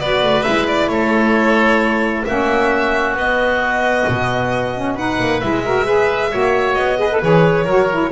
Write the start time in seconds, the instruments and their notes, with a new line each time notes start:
0.00 double bass B3, saxophone F#4, oboe B4, violin D5
0.23 double bass A3
0.42 double bass G#3, saxophone E4, violin E5
0.67 violin D5
0.88 double bass A3, oboe A4, violin C#5
2.25 double bass A#3, saxophone C#4, oboe F#4, violin E5
3.14 double bass B3, saxophone B3, violin D#5
4.08 double bass B2
4.75 saxophone C#4
4.94 saxophone D#4, oboe B4, violin F#5
5.19 double bass A#3
5.40 double bass G#3, saxophone E4, violin E5
5.65 saxophone F#4, oboe A#4
5.85 saxophone G#4, oboe B4
6.30 double bass A#3, saxophone F#4, oboe C#5
6.74 double bass B3, violin D#5
6.98 saxophone G#4, oboe B4
7.11 saxophone A4
7.21 double bass E3, saxophone G#4, violin C#5
7.64 double bass F#3, saxophone F#4, oboe A#4
7.90 saxophone E4